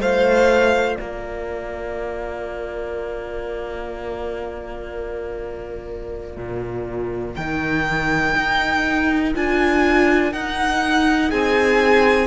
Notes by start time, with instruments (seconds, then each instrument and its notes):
0.00 cello A3, viola F4, violin C5 F5
0.96 cello A#3, violin A#4 D5
6.37 cello A#2
7.36 cello D#3, viola D#4, violin G5
8.36 cello D#4
9.35 cello D4, viola F4, violin G#5
10.33 cello D#4, viola D#4, violin F#5
11.29 cello C4, violin G#4 G#5